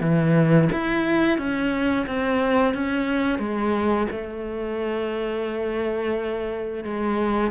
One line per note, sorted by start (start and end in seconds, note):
0.00 0.68 E3
0.72 1.38 E4
1.38 2.06 C#4
2.07 2.74 C4
2.74 3.39 C#4
3.39 4.07 G#3
4.11 6.84 A3
6.84 7.51 G#3